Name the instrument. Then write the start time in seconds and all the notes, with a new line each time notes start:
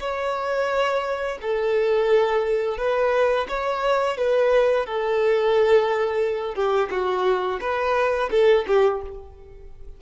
violin
0.00 C#5
1.42 A4
2.78 B4
3.49 C#5
4.17 B4
4.86 A4
6.55 G4
6.91 F#4
7.61 B4
8.31 A4
8.67 G4